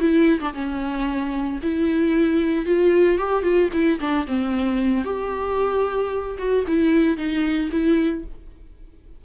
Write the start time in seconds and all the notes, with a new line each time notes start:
0.00 E4
0.40 D4
0.54 C#4
1.63 E4
2.66 F4
3.18 G4
3.43 F4
3.73 E4
4.00 D4
4.27 C4
5.04 G4
6.39 F#4
6.68 E4
7.17 D#4
7.71 E4